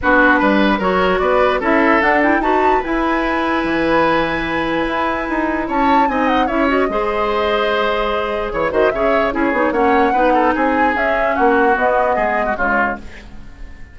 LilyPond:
<<
  \new Staff \with { instrumentName = "flute" } { \time 4/4 \tempo 4 = 148 b'2 cis''4 d''4 | e''4 fis''8 g''8 a''4 gis''4~ | gis''1~ | gis''2 a''4 gis''8 fis''8 |
e''8 dis''2.~ dis''8~ | dis''4 cis''8 dis''8 e''4 cis''4 | fis''2 gis''4 e''4 | fis''4 dis''2 cis''4 | }
  \new Staff \with { instrumentName = "oboe" } { \time 4/4 fis'4 b'4 ais'4 b'4 | a'2 b'2~ | b'1~ | b'2 cis''4 dis''4 |
cis''4 c''2.~ | c''4 cis''8 c''8 cis''4 gis'4 | cis''4 b'8 a'8 gis'2 | fis'2 gis'8. fis'16 f'4 | }
  \new Staff \with { instrumentName = "clarinet" } { \time 4/4 d'2 fis'2 | e'4 d'8 e'8 fis'4 e'4~ | e'1~ | e'2. dis'4 |
e'8 fis'8 gis'2.~ | gis'4. fis'8 gis'4 e'8 dis'8 | cis'4 dis'2 cis'4~ | cis'4 b2 gis4 | }
  \new Staff \with { instrumentName = "bassoon" } { \time 4/4 b4 g4 fis4 b4 | cis'4 d'4 dis'4 e'4~ | e'4 e2. | e'4 dis'4 cis'4 c'4 |
cis'4 gis2.~ | gis4 e8 dis8 cis4 cis'8 b8 | ais4 b4 c'4 cis'4 | ais4 b4 gis4 cis4 | }
>>